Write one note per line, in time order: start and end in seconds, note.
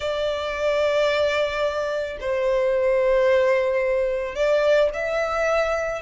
0.00 2.17 D5
2.20 4.35 C5
4.35 4.89 D5
4.93 6.01 E5